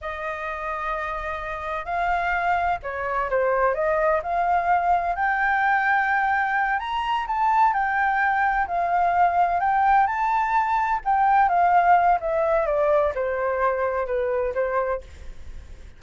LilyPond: \new Staff \with { instrumentName = "flute" } { \time 4/4 \tempo 4 = 128 dis''1 | f''2 cis''4 c''4 | dis''4 f''2 g''4~ | g''2~ g''8 ais''4 a''8~ |
a''8 g''2 f''4.~ | f''8 g''4 a''2 g''8~ | g''8 f''4. e''4 d''4 | c''2 b'4 c''4 | }